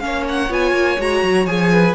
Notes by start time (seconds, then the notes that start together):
0.00 A#3 C#4 C#5 F5
0.29 F#5
0.50 B3 F4 G#5
0.72 A#3
0.99 G#3 F#4 A#5
1.23 F#3
1.46 F3 G#4 G#5
1.72 B4